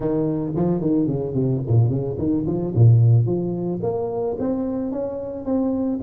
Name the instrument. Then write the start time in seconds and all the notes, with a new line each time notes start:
tuba
0.00 D#3
0.55 F3
0.80 D#3
1.06 C#3
1.34 C3
1.67 A#2
1.89 C#3
2.18 D#3
2.46 F3
2.75 A#2
3.26 F3
3.82 A#3
4.39 C4
4.91 C#4
5.45 C4